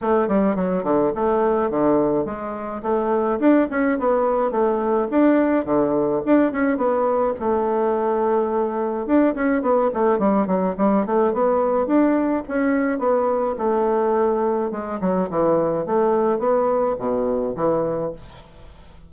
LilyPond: \new Staff \with { instrumentName = "bassoon" } { \time 4/4 \tempo 4 = 106 a8 g8 fis8 d8 a4 d4 | gis4 a4 d'8 cis'8 b4 | a4 d'4 d4 d'8 cis'8 | b4 a2. |
d'8 cis'8 b8 a8 g8 fis8 g8 a8 | b4 d'4 cis'4 b4 | a2 gis8 fis8 e4 | a4 b4 b,4 e4 | }